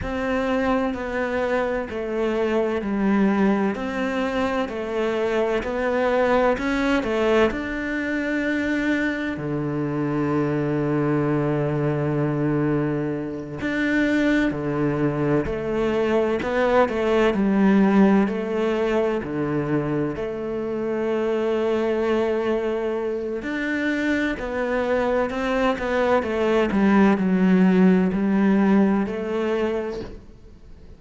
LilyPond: \new Staff \with { instrumentName = "cello" } { \time 4/4 \tempo 4 = 64 c'4 b4 a4 g4 | c'4 a4 b4 cis'8 a8 | d'2 d2~ | d2~ d8 d'4 d8~ |
d8 a4 b8 a8 g4 a8~ | a8 d4 a2~ a8~ | a4 d'4 b4 c'8 b8 | a8 g8 fis4 g4 a4 | }